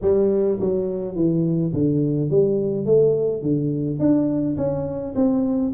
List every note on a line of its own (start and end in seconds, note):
0.01 0.58 G3
0.59 1.15 F#3
1.15 1.72 E3
1.73 2.29 D3
2.29 2.85 G3
2.85 3.42 A3
3.42 3.99 D3
3.99 4.56 D4
4.57 5.14 C#4
5.15 5.72 C4